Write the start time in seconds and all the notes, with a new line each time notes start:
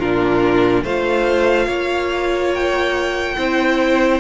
0.00 A#2 D4 F4 A#4
0.84 A3 F4 C5 F5
1.67 A#3 C#5
2.55 G5
3.37 C4 E4 C5